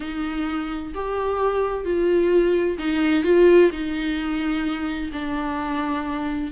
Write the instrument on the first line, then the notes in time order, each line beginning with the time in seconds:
viola
0.00 D#4
0.94 G4
1.84 F4
2.78 D#4
3.24 F4
3.71 D#4
5.12 D4